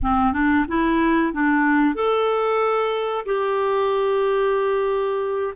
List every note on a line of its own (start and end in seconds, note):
0.02 0.33 C4
0.33 0.65 D4
0.68 1.33 E4
1.33 1.94 D4
1.94 3.25 A4
3.25 5.53 G4